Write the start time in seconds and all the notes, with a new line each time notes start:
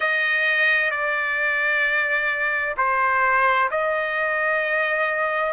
0.00 D#5
0.90 D5
2.77 C5
3.70 D#5